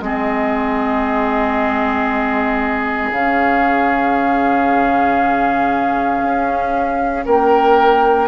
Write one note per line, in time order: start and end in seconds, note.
0.00 3.10 G#3
0.00 3.13 C4
0.00 7.25 G#4
0.00 3.11 D#5
3.11 6.22 C#3
3.11 8.28 C#4
3.11 7.25 F5
6.22 7.25 C#4
7.25 8.28 A#3
7.25 8.28 A#4
7.25 8.28 G5